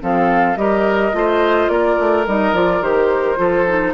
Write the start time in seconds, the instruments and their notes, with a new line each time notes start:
0.00 bassoon F3, clarinet C4, oboe A4, flute F5
0.56 bassoon G3, clarinet G4, oboe A#4, flute D#5
1.12 bassoon A3, clarinet F4, oboe C5
1.68 bassoon A#3, oboe A#4, flute D5
1.99 bassoon A3
2.27 bassoon G3, clarinet D#4, flute D#5
2.53 bassoon F3, clarinet F4, flute D5
2.81 bassoon D#3, clarinet G4, flute C5
3.36 bassoon F3, clarinet F4, oboe A4
3.67 clarinet D#4